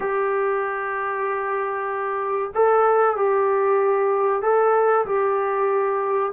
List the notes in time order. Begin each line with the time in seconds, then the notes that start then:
0.00 G4
2.54 A4
3.16 G4
4.42 A4
5.05 G4